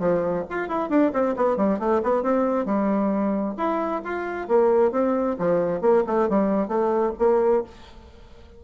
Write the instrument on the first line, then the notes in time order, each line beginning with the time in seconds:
bassoon
0.00 F3
0.50 F4
0.69 E4
0.90 D4
1.13 C4
1.37 B3
1.57 G3
1.80 A3
2.04 B3
2.23 C4
2.66 G3
3.58 E4
4.05 F4
4.48 A#3
4.92 C4
5.39 F3
5.82 A#3
6.07 A3
6.30 G3
6.68 A3
7.19 A#3